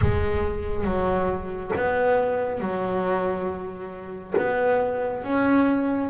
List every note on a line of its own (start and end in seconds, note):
0.01 0.84 G#3
0.84 1.71 F#3
1.76 2.60 B3
2.60 4.34 F#3
4.37 5.23 B3
5.23 6.09 C#4